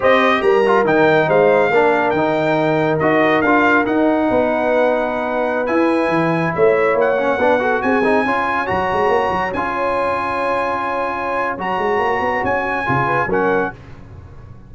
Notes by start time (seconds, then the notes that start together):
0.00 C4 G4 C5 D#5
0.42 G3 A#4 A#5
0.65 F4
0.84 D#3 D#4 G5
1.27 G#3 C5 F5
1.70 A#3 D4 A#4
2.10 D#3 D#4 G5
2.99 D#4 F#4 D#5
3.41 D4 F4 F5
3.85 D#4 F#5
4.29 B3 B4
5.66 E4 G#5
6.08 E3
6.55 A3 C#5 E5
6.94 A#3
7.00 F#5
7.17 C#4
7.37 B3 D4 B4
7.59 F#4 A4
7.82 C4 G#4 G#5
8.04 D#4
8.25 C#4 F4 C#5
8.66 F#3 F#4 A#5
8.92 G#3
9.08 A#3
9.30 F#3
9.53 C#4 F4 G#5
11.57 F#3 F#4 A#5
11.78 G#3
11.98 A#3
12.20 B3
12.43 C#4 G#5
12.85 C#3 F4
13.05 B4
13.26 F#3 C#4 A#4 F#5